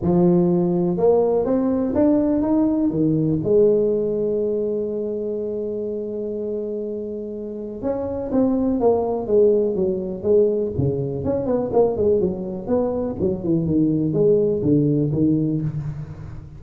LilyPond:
\new Staff \with { instrumentName = "tuba" } { \time 4/4 \tempo 4 = 123 f2 ais4 c'4 | d'4 dis'4 dis4 gis4~ | gis1~ | gis1 |
cis'4 c'4 ais4 gis4 | fis4 gis4 cis4 cis'8 b8 | ais8 gis8 fis4 b4 fis8 e8 | dis4 gis4 d4 dis4 | }